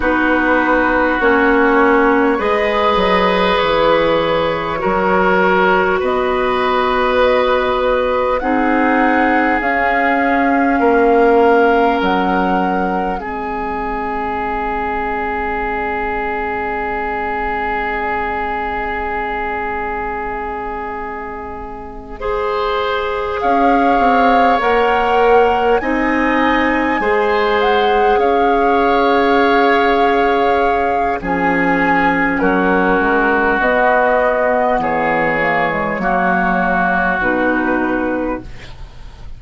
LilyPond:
<<
  \new Staff \with { instrumentName = "flute" } { \time 4/4 \tempo 4 = 50 b'4 cis''4 dis''4 cis''4~ | cis''4 dis''2 fis''4 | f''2 fis''4 dis''4~ | dis''1~ |
dis''2.~ dis''8 f''8~ | f''8 fis''4 gis''4. fis''8 f''8~ | f''2 gis''4 ais'4 | dis''4 cis''2 b'4 | }
  \new Staff \with { instrumentName = "oboe" } { \time 4/4 fis'2 b'2 | ais'4 b'2 gis'4~ | gis'4 ais'2 gis'4~ | gis'1~ |
gis'2~ gis'8 c''4 cis''8~ | cis''4. dis''4 c''4 cis''8~ | cis''2 gis'4 fis'4~ | fis'4 gis'4 fis'2 | }
  \new Staff \with { instrumentName = "clarinet" } { \time 4/4 dis'4 cis'4 gis'2 | fis'2. dis'4 | cis'2. c'4~ | c'1~ |
c'2~ c'8 gis'4.~ | gis'8 ais'4 dis'4 gis'4.~ | gis'2 cis'2 | b4. ais16 gis16 ais4 dis'4 | }
  \new Staff \with { instrumentName = "bassoon" } { \time 4/4 b4 ais4 gis8 fis8 e4 | fis4 b2 c'4 | cis'4 ais4 fis4 gis4~ | gis1~ |
gis2.~ gis8 cis'8 | c'8 ais4 c'4 gis4 cis'8~ | cis'2 f4 fis8 gis8 | b4 e4 fis4 b,4 | }
>>